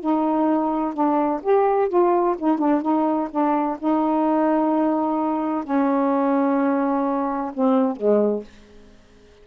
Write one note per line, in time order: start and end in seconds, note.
0.00 0.93 D#4
0.93 1.40 D4
1.42 1.88 G4
1.88 2.35 F4
2.38 2.58 D#4
2.58 2.81 D4
2.81 3.28 D#4
3.30 3.77 D4
3.79 5.64 D#4
5.64 7.51 C#4
7.53 7.96 C4
7.96 8.43 G#3